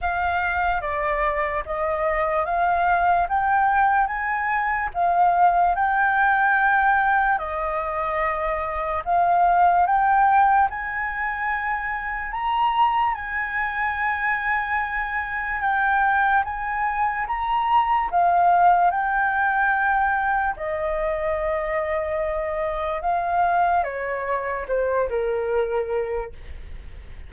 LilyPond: \new Staff \with { instrumentName = "flute" } { \time 4/4 \tempo 4 = 73 f''4 d''4 dis''4 f''4 | g''4 gis''4 f''4 g''4~ | g''4 dis''2 f''4 | g''4 gis''2 ais''4 |
gis''2. g''4 | gis''4 ais''4 f''4 g''4~ | g''4 dis''2. | f''4 cis''4 c''8 ais'4. | }